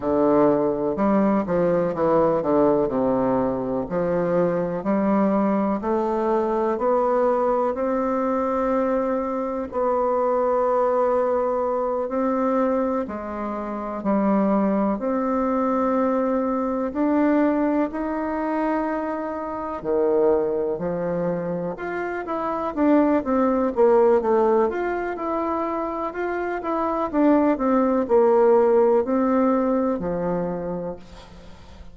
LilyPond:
\new Staff \with { instrumentName = "bassoon" } { \time 4/4 \tempo 4 = 62 d4 g8 f8 e8 d8 c4 | f4 g4 a4 b4 | c'2 b2~ | b8 c'4 gis4 g4 c'8~ |
c'4. d'4 dis'4.~ | dis'8 dis4 f4 f'8 e'8 d'8 | c'8 ais8 a8 f'8 e'4 f'8 e'8 | d'8 c'8 ais4 c'4 f4 | }